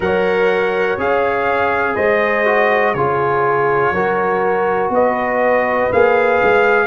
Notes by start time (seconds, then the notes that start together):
0.00 F#3 A#4 C#5 F#5
0.97 C#4 G#4 F5
1.94 G#3 C5 D#5
2.45 F#4
2.93 C#3 F4 G#4 C#5
3.91 F#3 F#4 A#4
4.89 B3 B4 D#5
5.92 A#3 G#4 F5
6.42 G#3